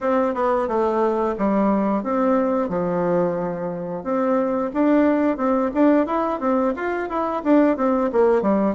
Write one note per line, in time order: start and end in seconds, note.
0.00 0.34 C4
0.34 0.67 B3
0.67 1.35 A3
1.38 2.03 G3
2.03 2.68 C4
2.68 4.03 F3
4.03 4.70 C4
4.73 5.37 D4
5.37 5.71 C4
5.74 6.06 D4
6.06 6.40 E4
6.40 6.73 C4
6.76 7.09 F4
7.09 7.42 E4
7.43 7.76 D4
7.76 8.10 C4
8.12 8.42 A#3
8.42 8.75 G3